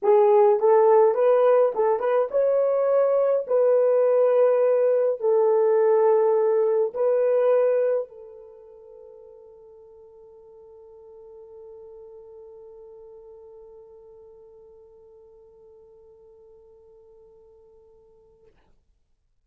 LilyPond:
\new Staff \with { instrumentName = "horn" } { \time 4/4 \tempo 4 = 104 gis'4 a'4 b'4 a'8 b'8 | cis''2 b'2~ | b'4 a'2. | b'2 a'2~ |
a'1~ | a'1~ | a'1~ | a'1 | }